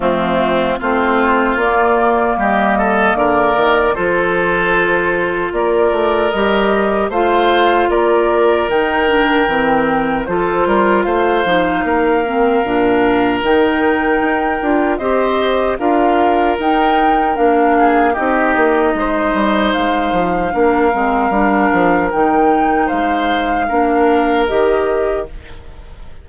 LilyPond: <<
  \new Staff \with { instrumentName = "flute" } { \time 4/4 \tempo 4 = 76 f'4 c''4 d''4 dis''4 | d''4 c''2 d''4 | dis''4 f''4 d''4 g''4~ | g''4 c''4 f''2~ |
f''4 g''2 dis''4 | f''4 g''4 f''4 dis''4~ | dis''4 f''2. | g''4 f''2 dis''4 | }
  \new Staff \with { instrumentName = "oboe" } { \time 4/4 c'4 f'2 g'8 a'8 | ais'4 a'2 ais'4~ | ais'4 c''4 ais'2~ | ais'4 a'8 ais'8 c''4 ais'4~ |
ais'2. c''4 | ais'2~ ais'8 gis'8 g'4 | c''2 ais'2~ | ais'4 c''4 ais'2 | }
  \new Staff \with { instrumentName = "clarinet" } { \time 4/4 a4 c'4 ais2~ | ais4 f'2. | g'4 f'2 dis'8 d'8 | c'4 f'4. dis'4 c'8 |
d'4 dis'4. f'8 g'4 | f'4 dis'4 d'4 dis'4~ | dis'2 d'8 c'8 d'4 | dis'2 d'4 g'4 | }
  \new Staff \with { instrumentName = "bassoon" } { \time 4/4 f4 a4 ais4 g4 | d8 dis8 f2 ais8 a8 | g4 a4 ais4 dis4 | e4 f8 g8 a8 f8 ais4 |
ais,4 dis4 dis'8 d'8 c'4 | d'4 dis'4 ais4 c'8 ais8 | gis8 g8 gis8 f8 ais8 gis8 g8 f8 | dis4 gis4 ais4 dis4 | }
>>